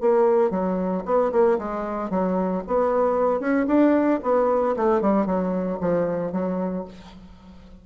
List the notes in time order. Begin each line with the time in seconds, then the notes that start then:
0.00 A#3
0.50 F#3
1.05 B3
1.32 A#3
1.58 G#3
2.10 F#3
2.67 B3
3.39 C#4
3.67 D4
4.22 B3
4.76 A3
5.01 G3
5.25 F#3
5.80 F3
6.32 F#3